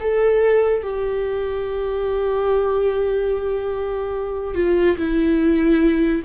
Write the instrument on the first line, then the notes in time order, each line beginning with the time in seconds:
viola
0.00 A4
0.83 G4
4.55 F4
4.97 E4